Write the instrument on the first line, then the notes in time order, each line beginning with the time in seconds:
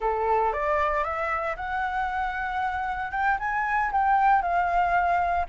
flute
0.00 A4
0.52 D5
1.03 E5
1.56 F#5
3.11 G5
3.39 G#5
3.92 G5
4.41 F5